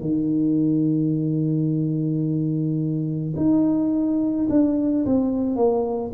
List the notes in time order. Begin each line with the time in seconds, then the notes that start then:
0.00 D#3
3.36 D#4
4.49 D4
5.05 C4
5.55 A#3